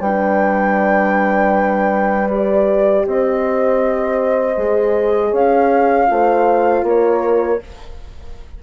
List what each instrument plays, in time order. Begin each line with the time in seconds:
0.00 bassoon G3, horn D4 B4, flute G5
2.29 horn G4, flute D5
3.06 bassoon C4, horn C5, flute D#5
4.56 bassoon G#3, horn G#4
5.30 bassoon C#4, horn C#5, flute F5
6.07 bassoon A3, horn F4 C5
6.83 bassoon A#3, horn A#4, flute C#5